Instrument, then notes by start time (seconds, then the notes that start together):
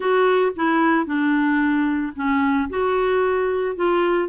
clarinet
0.00 F#4
0.56 E4
1.06 D4
2.15 C#4
2.69 F#4
3.76 F4